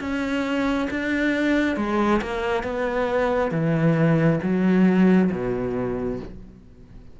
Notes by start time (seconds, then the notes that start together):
0.00 C#4
0.90 D4
1.76 G#3
2.21 A#3
2.63 B3
3.51 E3
4.42 F#3
5.31 B2